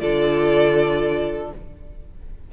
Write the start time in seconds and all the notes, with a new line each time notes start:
0.00 D3 F4 A4 D5